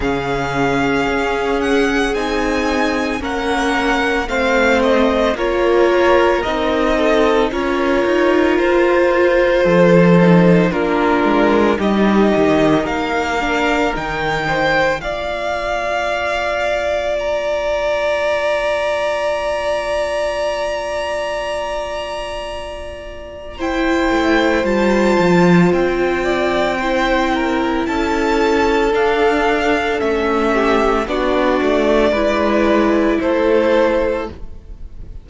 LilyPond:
<<
  \new Staff \with { instrumentName = "violin" } { \time 4/4 \tempo 4 = 56 f''4. fis''8 gis''4 fis''4 | f''8 dis''8 cis''4 dis''4 cis''4 | c''2 ais'4 dis''4 | f''4 g''4 f''2 |
ais''1~ | ais''2 g''4 a''4 | g''2 a''4 f''4 | e''4 d''2 c''4 | }
  \new Staff \with { instrumentName = "violin" } { \time 4/4 gis'2. ais'4 | c''4 ais'4. a'8 ais'4~ | ais'4 a'4 f'4 g'4 | ais'4. c''8 d''2~ |
d''1~ | d''2 c''2~ | c''8 d''8 c''8 ais'8 a'2~ | a'8 g'8 fis'4 b'4 a'4 | }
  \new Staff \with { instrumentName = "viola" } { \time 4/4 cis'2 dis'4 cis'4 | c'4 f'4 dis'4 f'4~ | f'4. dis'8 d'4 dis'4~ | dis'8 d'8 dis'4 f'2~ |
f'1~ | f'2 e'4 f'4~ | f'4 e'2 d'4 | cis'4 d'4 e'2 | }
  \new Staff \with { instrumentName = "cello" } { \time 4/4 cis4 cis'4 c'4 ais4 | a4 ais4 c'4 cis'8 dis'8 | f'4 f4 ais8 gis8 g8 dis8 | ais4 dis4 ais2~ |
ais1~ | ais2~ ais8 a8 g8 f8 | c'2 cis'4 d'4 | a4 b8 a8 gis4 a4 | }
>>